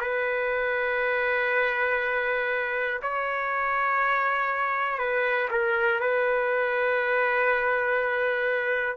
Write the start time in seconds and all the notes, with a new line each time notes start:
0.00 B4
3.02 C#5
4.99 B4
5.50 A#4
6.00 B4